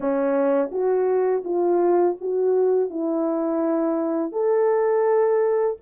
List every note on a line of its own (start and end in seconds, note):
0.00 0.70 C#4
0.71 1.43 F#4
1.44 2.17 F4
2.20 2.89 F#4
2.89 4.32 E4
4.32 5.76 A4